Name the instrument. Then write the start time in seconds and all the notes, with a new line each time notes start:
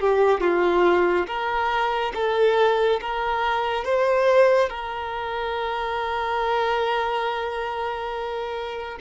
violin
0.00 G4
0.41 F4
1.27 A#4
2.15 A4
3.01 A#4
3.85 C5
4.69 A#4